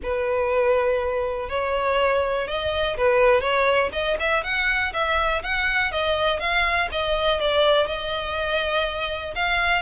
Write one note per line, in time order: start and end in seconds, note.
0.02 1.49 B4
1.49 2.47 C#5
2.47 2.96 D#5
2.97 3.40 B4
3.40 3.89 C#5
3.92 4.17 D#5
4.19 4.43 E5
4.43 4.92 F#5
4.93 5.42 E5
5.42 5.91 F#5
5.91 6.39 D#5
6.39 6.89 F5
6.91 7.40 D#5
7.40 7.86 D5
7.86 9.34 D#5
9.35 9.82 F5